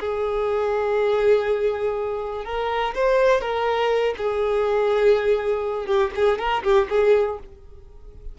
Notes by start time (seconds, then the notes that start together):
0.00 G#4
2.45 A#4
2.95 C5
3.41 A#4
4.18 G#4
5.86 G4
6.16 G#4
6.39 A#4
6.64 G4
6.90 G#4